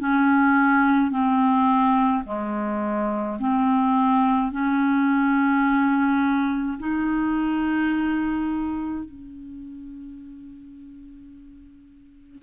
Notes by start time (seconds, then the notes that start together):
0.00 C#4
1.11 C4
2.25 G#3
3.40 C4
4.52 C#4
6.79 D#4
9.05 C#4